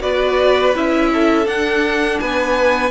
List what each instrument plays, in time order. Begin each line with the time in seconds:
0.00 cello B3, viola F#4, violin B4 D5
0.75 cello C#4, viola E4, violin E5
1.13 violin A4
1.45 viola D4, cello D4, violin F#5
2.19 cello B3, violin B4 G#5